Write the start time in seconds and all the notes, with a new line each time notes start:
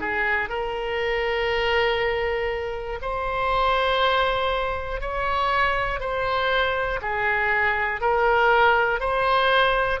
0.00 G#4
0.49 A#4
3.01 C5
5.00 C#5
6.00 C5
7.01 G#4
8.00 A#4
9.00 C5